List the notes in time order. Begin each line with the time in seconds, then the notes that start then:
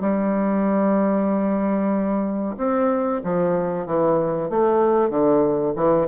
0.00 G3
2.57 C4
3.24 F3
3.86 E3
4.49 A3
5.09 D3
5.76 E3